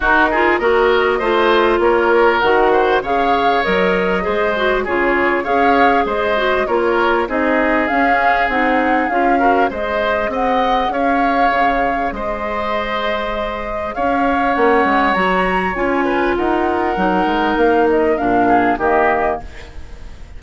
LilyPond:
<<
  \new Staff \with { instrumentName = "flute" } { \time 4/4 \tempo 4 = 99 ais'4 dis''2 cis''4 | fis''4 f''4 dis''2 | cis''4 f''4 dis''4 cis''4 | dis''4 f''4 fis''4 f''4 |
dis''4 fis''4 f''2 | dis''2. f''4 | fis''4 ais''4 gis''4 fis''4~ | fis''4 f''8 dis''8 f''4 dis''4 | }
  \new Staff \with { instrumentName = "oboe" } { \time 4/4 fis'8 gis'8 ais'4 c''4 ais'4~ | ais'8 c''8 cis''2 c''4 | gis'4 cis''4 c''4 ais'4 | gis'2.~ gis'8 ais'8 |
c''4 dis''4 cis''2 | c''2. cis''4~ | cis''2~ cis''8 b'8 ais'4~ | ais'2~ ais'8 gis'8 g'4 | }
  \new Staff \with { instrumentName = "clarinet" } { \time 4/4 dis'8 f'8 fis'4 f'2 | fis'4 gis'4 ais'4 gis'8 fis'8 | f'4 gis'4. fis'8 f'4 | dis'4 cis'4 dis'4 f'8 fis'8 |
gis'1~ | gis'1 | cis'4 fis'4 f'2 | dis'2 d'4 ais4 | }
  \new Staff \with { instrumentName = "bassoon" } { \time 4/4 dis'4 ais4 a4 ais4 | dis4 cis4 fis4 gis4 | cis4 cis'4 gis4 ais4 | c'4 cis'4 c'4 cis'4 |
gis4 c'4 cis'4 cis4 | gis2. cis'4 | ais8 gis8 fis4 cis'4 dis'4 | fis8 gis8 ais4 ais,4 dis4 | }
>>